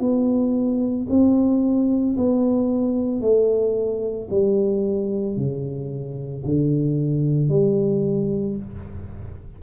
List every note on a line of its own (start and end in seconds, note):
0.00 1.07 B3
1.10 2.17 C4
2.17 3.21 B3
3.21 4.29 A3
4.31 5.37 G3
5.37 6.44 C#3
6.45 7.49 D3
7.49 8.56 G3